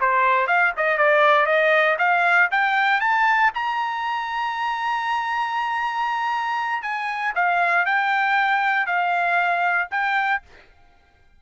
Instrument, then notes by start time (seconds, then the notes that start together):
trumpet
0.00 C5
0.47 F5
0.77 D#5
0.97 D5
1.46 D#5
1.98 F5
2.51 G5
3.00 A5
3.54 A#5
6.82 G#5
7.35 F5
7.85 G5
8.86 F5
9.91 G5